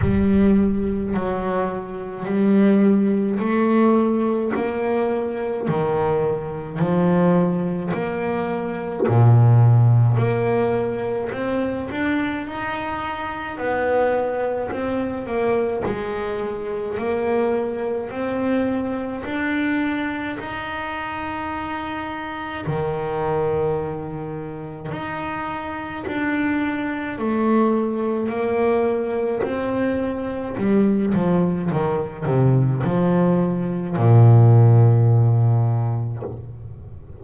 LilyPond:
\new Staff \with { instrumentName = "double bass" } { \time 4/4 \tempo 4 = 53 g4 fis4 g4 a4 | ais4 dis4 f4 ais4 | ais,4 ais4 c'8 d'8 dis'4 | b4 c'8 ais8 gis4 ais4 |
c'4 d'4 dis'2 | dis2 dis'4 d'4 | a4 ais4 c'4 g8 f8 | dis8 c8 f4 ais,2 | }